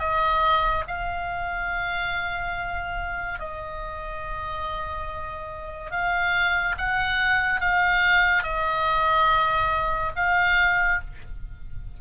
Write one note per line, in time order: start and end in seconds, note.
0.00 0.85 D#5
0.88 3.40 F5
3.40 5.91 D#5
5.91 6.76 F5
6.78 7.61 F#5
7.61 8.44 F5
8.44 10.13 D#5
10.16 11.01 F5